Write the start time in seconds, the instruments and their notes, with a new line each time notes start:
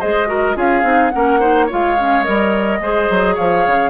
0.00 bassoon G#3, clarinet G#4, oboe C5, flute D#5
0.27 clarinet F#4, oboe A#4
0.55 bassoon C#4, clarinet F4, oboe G#4, flute F5
0.83 bassoon C4, clarinet D#4
1.10 bassoon A#3, clarinet C#4, oboe A#4, flute F#5
1.40 clarinet D#4, oboe C5
1.66 clarinet F4, oboe C#5
1.72 bassoon G#3, flute F5
1.98 clarinet C#4
2.24 bassoon G3, clarinet A#4, flute D#5
2.80 bassoon G#3, clarinet G#4, oboe C5
3.10 bassoon F#3
3.35 bassoon F3, oboe C#5, flute F5
3.67 bassoon C#3